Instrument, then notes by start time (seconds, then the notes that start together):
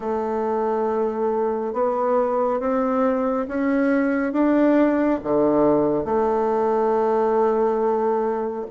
bassoon
0.00 A3
1.73 B3
2.60 C4
3.47 C#4
4.32 D4
5.23 D3
6.04 A3